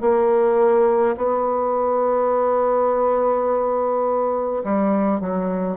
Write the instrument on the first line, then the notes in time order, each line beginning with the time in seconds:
bassoon
0.00 A#3
1.16 B3
4.64 G3
5.20 F#3